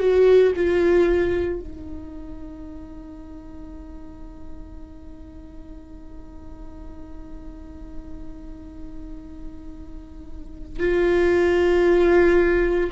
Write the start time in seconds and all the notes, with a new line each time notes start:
0.00 F#4
0.56 F4
1.59 D#4
10.79 F4